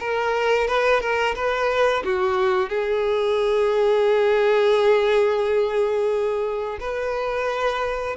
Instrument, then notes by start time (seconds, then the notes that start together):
violin
0.00 A#4
0.68 B4
1.01 A#4
1.35 B4
2.04 F#4
2.70 G#4
6.81 B4